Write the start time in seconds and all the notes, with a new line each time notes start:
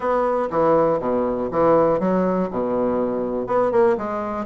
0.00 B3
0.50 E3
0.99 B2
1.51 E3
1.99 F#3
2.50 B2
3.46 B3
3.71 A#3
3.97 G#3